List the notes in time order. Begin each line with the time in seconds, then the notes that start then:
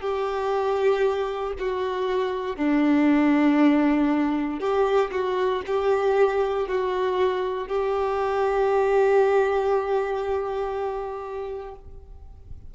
0.00 G4
1.59 F#4
2.56 D4
4.59 G4
5.10 F#4
5.66 G4
6.67 F#4
7.67 G4